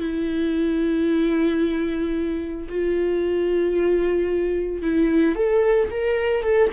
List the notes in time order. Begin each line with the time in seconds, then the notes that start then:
0.00 E4
2.69 F4
4.82 E4
5.36 A4
5.91 A#4
6.43 A4